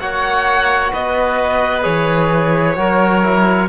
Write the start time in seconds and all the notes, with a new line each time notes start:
0.00 A#3 F#4 C#5 F#5
0.93 B3 B4 D#5
1.82 E3 G#4 C#5
2.76 F#3 F#4 A#4
3.23 E4